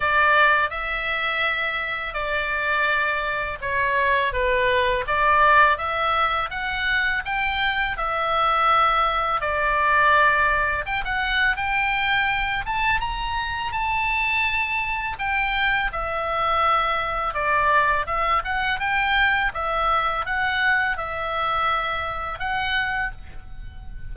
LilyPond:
\new Staff \with { instrumentName = "oboe" } { \time 4/4 \tempo 4 = 83 d''4 e''2 d''4~ | d''4 cis''4 b'4 d''4 | e''4 fis''4 g''4 e''4~ | e''4 d''2 g''16 fis''8. |
g''4. a''8 ais''4 a''4~ | a''4 g''4 e''2 | d''4 e''8 fis''8 g''4 e''4 | fis''4 e''2 fis''4 | }